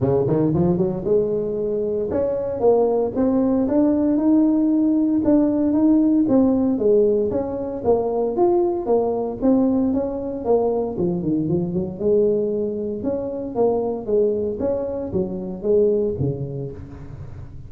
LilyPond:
\new Staff \with { instrumentName = "tuba" } { \time 4/4 \tempo 4 = 115 cis8 dis8 f8 fis8 gis2 | cis'4 ais4 c'4 d'4 | dis'2 d'4 dis'4 | c'4 gis4 cis'4 ais4 |
f'4 ais4 c'4 cis'4 | ais4 f8 dis8 f8 fis8 gis4~ | gis4 cis'4 ais4 gis4 | cis'4 fis4 gis4 cis4 | }